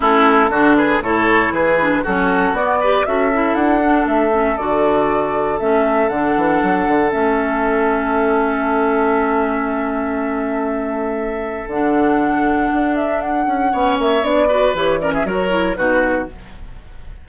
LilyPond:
<<
  \new Staff \with { instrumentName = "flute" } { \time 4/4 \tempo 4 = 118 a'4. b'8 cis''4 b'4 | a'4 d''4 e''4 fis''4 | e''4 d''2 e''4 | fis''2 e''2~ |
e''1~ | e''2. fis''4~ | fis''4. e''8 fis''4. e''8 | d''4 cis''8 d''16 e''16 cis''4 b'4 | }
  \new Staff \with { instrumentName = "oboe" } { \time 4/4 e'4 fis'8 gis'8 a'4 gis'4 | fis'4. b'8 a'2~ | a'1~ | a'1~ |
a'1~ | a'1~ | a'2. cis''4~ | cis''8 b'4 ais'16 gis'16 ais'4 fis'4 | }
  \new Staff \with { instrumentName = "clarinet" } { \time 4/4 cis'4 d'4 e'4. d'8 | cis'4 b8 g'8 fis'8 e'4 d'8~ | d'8 cis'8 fis'2 cis'4 | d'2 cis'2~ |
cis'1~ | cis'2. d'4~ | d'2. cis'4 | d'8 fis'8 g'8 cis'8 fis'8 e'8 dis'4 | }
  \new Staff \with { instrumentName = "bassoon" } { \time 4/4 a4 d4 a,4 e4 | fis4 b4 cis'4 d'4 | a4 d2 a4 | d8 e8 fis8 d8 a2~ |
a1~ | a2. d4~ | d4 d'4. cis'8 b8 ais8 | b4 e4 fis4 b,4 | }
>>